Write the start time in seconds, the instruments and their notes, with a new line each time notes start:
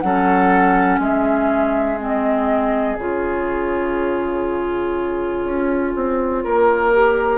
0.00 bassoon F#3, clarinet C#4, oboe A4, flute F#5
0.98 bassoon G#3, oboe G#4, flute E5
1.98 clarinet C4, flute D#5
2.95 bassoon C#3, clarinet F4, flute C#5
5.44 bassoon C#4
5.95 bassoon C4
6.43 bassoon A#3, oboe A#4
6.92 clarinet G4